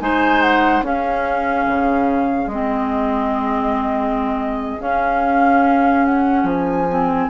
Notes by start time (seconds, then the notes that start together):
0.00 G#3 D#4 C5 G#5
0.42 F#5
0.82 C#4 G#4 F5
1.68 C#3
2.47 G#3 C4 D#5
4.80 C#4 F5
6.06 F#5
6.44 F3 G#5
6.89 C4